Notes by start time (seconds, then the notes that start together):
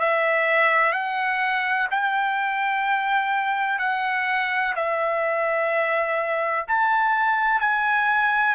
0.00 E5
0.93 F#5
1.91 G5
3.79 F#5
4.76 E5
6.68 A5
7.61 G#5